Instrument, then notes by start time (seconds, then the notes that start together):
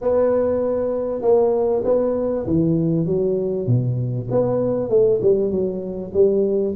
tuba
0.01 B3
1.21 A#3
1.84 B3
2.46 E3
3.06 F#3
3.67 B2
4.30 B3
4.89 A3
5.21 G3
5.50 F#3
6.13 G3